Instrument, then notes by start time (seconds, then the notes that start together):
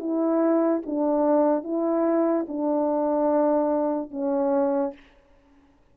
horn
0.00 E4
0.87 D4
1.64 E4
2.48 D4
4.11 C#4